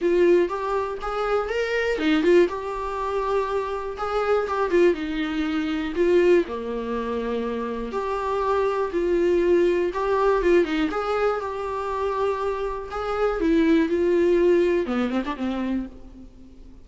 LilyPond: \new Staff \with { instrumentName = "viola" } { \time 4/4 \tempo 4 = 121 f'4 g'4 gis'4 ais'4 | dis'8 f'8 g'2. | gis'4 g'8 f'8 dis'2 | f'4 ais2. |
g'2 f'2 | g'4 f'8 dis'8 gis'4 g'4~ | g'2 gis'4 e'4 | f'2 b8 c'16 d'16 c'4 | }